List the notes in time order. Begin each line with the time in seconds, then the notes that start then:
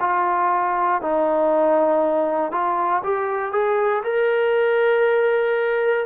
0.00 F4
1.02 D#4
2.51 F4
3.04 G4
3.52 G#4
4.04 A#4